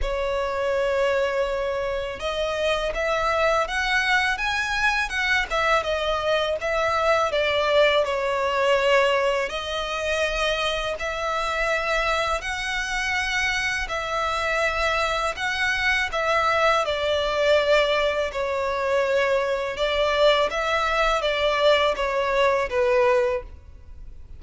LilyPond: \new Staff \with { instrumentName = "violin" } { \time 4/4 \tempo 4 = 82 cis''2. dis''4 | e''4 fis''4 gis''4 fis''8 e''8 | dis''4 e''4 d''4 cis''4~ | cis''4 dis''2 e''4~ |
e''4 fis''2 e''4~ | e''4 fis''4 e''4 d''4~ | d''4 cis''2 d''4 | e''4 d''4 cis''4 b'4 | }